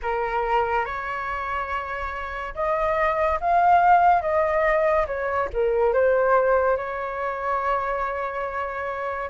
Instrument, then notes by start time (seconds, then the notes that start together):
flute
0.02 A#4
0.85 C#5
2.54 D#5
3.40 F5
4.21 D#5
5.06 C#5
5.53 A#4
5.93 C5
6.76 C#5